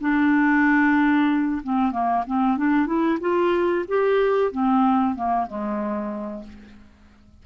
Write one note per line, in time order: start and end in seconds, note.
0.00 1.61 D4
1.63 1.91 C4
1.91 2.23 A#3
2.27 2.57 C4
2.57 2.86 D4
2.86 3.18 E4
3.20 3.85 F4
3.88 4.51 G4
4.51 5.15 C4
5.15 5.46 A#3
5.46 6.43 G#3